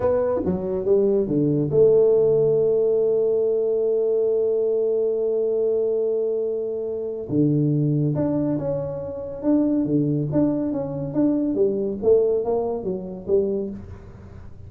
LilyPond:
\new Staff \with { instrumentName = "tuba" } { \time 4/4 \tempo 4 = 140 b4 fis4 g4 d4 | a1~ | a1~ | a1~ |
a4 d2 d'4 | cis'2 d'4 d4 | d'4 cis'4 d'4 g4 | a4 ais4 fis4 g4 | }